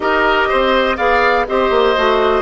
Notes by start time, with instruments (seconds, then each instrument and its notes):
0.00 bassoon D#4, clarinet G4, oboe A#4, flute D#5
0.48 bassoon C4, oboe C5
0.96 bassoon B3, clarinet G#4, oboe D5, flute F5
1.47 bassoon C4, clarinet G4, oboe C5, flute D#5
1.70 bassoon A#3
1.96 bassoon A3, clarinet F#4